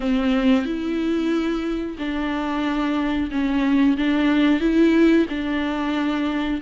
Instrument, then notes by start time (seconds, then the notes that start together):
viola
0.00 C4
0.65 E4
1.98 D4
3.31 C#4
3.97 D4
4.60 E4
5.29 D4